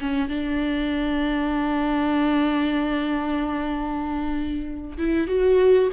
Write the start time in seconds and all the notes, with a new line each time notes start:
0.00 C#4
0.28 D4
4.98 E4
5.27 F#4